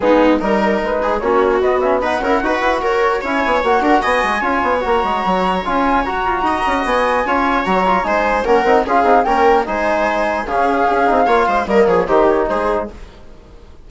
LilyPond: <<
  \new Staff \with { instrumentName = "flute" } { \time 4/4 \tempo 4 = 149 gis'4 ais'4 b'4 cis''4 | dis''8 e''8 fis''2 cis''4 | gis''4 fis''4 gis''2 | ais''2 gis''4 ais''4~ |
ais''4 gis''2 ais''4 | gis''4 fis''4 f''4 g''4 | gis''2 f''2~ | f''4 dis''8 cis''8 c''8 cis''8 c''4 | }
  \new Staff \with { instrumentName = "viola" } { \time 4/4 dis'4 ais'4. gis'8 fis'4~ | fis'4 b'8 ais'8 b'4 ais'4 | cis''4. ais'8 dis''4 cis''4~ | cis''1 |
dis''2 cis''2 | c''4 ais'4 gis'4 ais'4 | c''2 gis'2 | cis''8 c''8 ais'8 gis'8 g'4 gis'4 | }
  \new Staff \with { instrumentName = "trombone" } { \time 4/4 b4 dis'2 cis'4 | b8 cis'8 dis'8 e'8 fis'2 | e'4 fis'2 f'4 | fis'2 f'4 fis'4~ |
fis'2 f'4 fis'8 f'8 | dis'4 cis'8 dis'8 f'8 dis'8 cis'4 | dis'2 cis'4. dis'8 | f'4 ais4 dis'2 | }
  \new Staff \with { instrumentName = "bassoon" } { \time 4/4 gis4 g4 gis4 ais4 | b4. cis'8 dis'8 e'8 fis'4 | cis'8 b8 ais8 d'8 b8 gis8 cis'8 b8 | ais8 gis8 fis4 cis'4 fis'8 f'8 |
dis'8 cis'8 b4 cis'4 fis4 | gis4 ais8 c'8 cis'8 c'8 ais4 | gis2 cis4 cis'8 c'8 | ais8 gis8 g8 f8 dis4 gis4 | }
>>